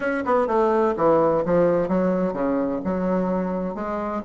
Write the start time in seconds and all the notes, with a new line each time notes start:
0.00 C#4
0.25 B3
0.47 A3
0.96 E3
1.45 F3
1.88 F#3
2.33 C#3
2.84 F#3
3.74 G#3